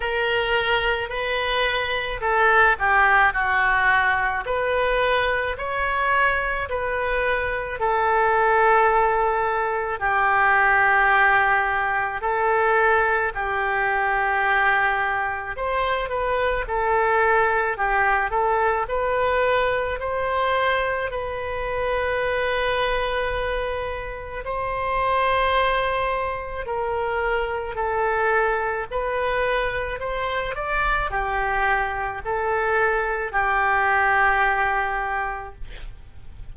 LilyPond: \new Staff \with { instrumentName = "oboe" } { \time 4/4 \tempo 4 = 54 ais'4 b'4 a'8 g'8 fis'4 | b'4 cis''4 b'4 a'4~ | a'4 g'2 a'4 | g'2 c''8 b'8 a'4 |
g'8 a'8 b'4 c''4 b'4~ | b'2 c''2 | ais'4 a'4 b'4 c''8 d''8 | g'4 a'4 g'2 | }